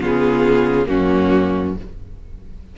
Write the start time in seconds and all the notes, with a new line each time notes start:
0.00 C#3 B3 F4 G#4
0.85 F#2 A#3 C#4 F#4